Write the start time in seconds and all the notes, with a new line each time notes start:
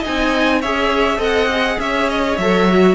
0.00 D#4 D#5 G#5
0.08 C4
0.61 C#4 G#4 C#5 E5
1.18 C4 A4 D#5 F#5
1.52 G#4
1.79 C#4 C#5 E5
2.10 D#5
2.37 F#3 A4 E5
2.70 F#4